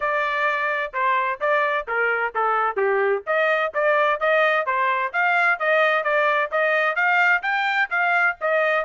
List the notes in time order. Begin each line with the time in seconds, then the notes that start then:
0.00 D5
0.93 C5
1.40 D5
1.87 A#4
2.34 A4
2.76 G4
3.26 D#5
3.74 D5
4.20 D#5
4.66 C5
5.13 F5
5.59 D#5
6.03 D5
6.51 D#5
6.95 F5
7.42 G5
7.89 F5
8.40 D#5